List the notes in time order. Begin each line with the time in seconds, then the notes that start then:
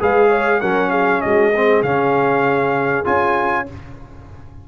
0.00 G#3 G#4 B4 F5
0.29 C#5
0.61 F#3 C#4 A#4 F#5
0.91 G#4 F5
1.21 G#3 F#4 D#5
1.51 C4 G#4
1.82 C#3 C#4 F5
3.05 C#4 F4 G#5